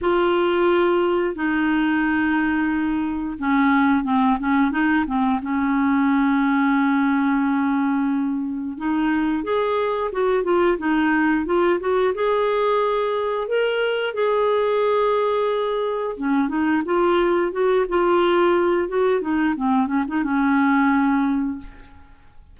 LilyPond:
\new Staff \with { instrumentName = "clarinet" } { \time 4/4 \tempo 4 = 89 f'2 dis'2~ | dis'4 cis'4 c'8 cis'8 dis'8 c'8 | cis'1~ | cis'4 dis'4 gis'4 fis'8 f'8 |
dis'4 f'8 fis'8 gis'2 | ais'4 gis'2. | cis'8 dis'8 f'4 fis'8 f'4. | fis'8 dis'8 c'8 cis'16 dis'16 cis'2 | }